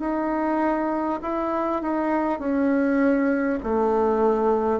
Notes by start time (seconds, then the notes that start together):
0.00 D#4
1.22 E4
1.82 D#4
2.39 C#4
3.63 A3